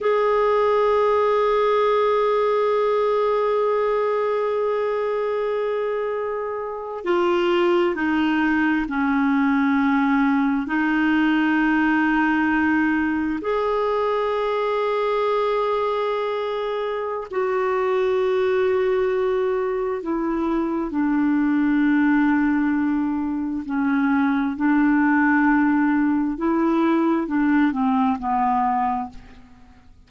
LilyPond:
\new Staff \with { instrumentName = "clarinet" } { \time 4/4 \tempo 4 = 66 gis'1~ | gis'2.~ gis'8. f'16~ | f'8. dis'4 cis'2 dis'16~ | dis'2~ dis'8. gis'4~ gis'16~ |
gis'2. fis'4~ | fis'2 e'4 d'4~ | d'2 cis'4 d'4~ | d'4 e'4 d'8 c'8 b4 | }